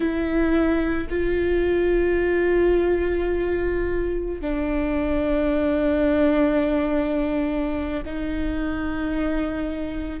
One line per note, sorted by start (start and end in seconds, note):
0.00 1.07 E4
1.09 4.41 F4
4.41 8.02 D4
8.05 10.20 D#4